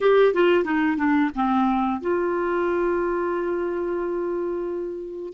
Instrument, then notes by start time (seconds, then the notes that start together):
clarinet
0.01 G4
0.34 F4
0.64 D#4
0.97 D4
1.35 C4
2.01 F4